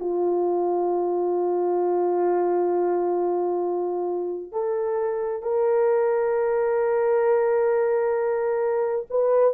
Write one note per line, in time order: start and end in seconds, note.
0.00 4.52 F4
4.52 5.42 A4
5.42 9.06 A#4
9.10 9.54 B4